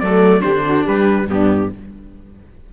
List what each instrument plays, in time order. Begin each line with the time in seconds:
0.00 cello F#3, viola A3, saxophone A4, trumpet D5
0.40 cello D3, viola D4, saxophone G4, trumpet C5
0.65 saxophone F#4
0.85 cello G3, saxophone G4, trumpet B4
1.27 cello G2, viola B3, saxophone D4, trumpet G4